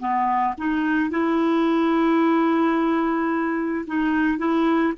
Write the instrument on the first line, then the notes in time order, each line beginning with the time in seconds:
clarinet
0.00 B3
0.58 D#4
1.10 E4
3.87 D#4
4.39 E4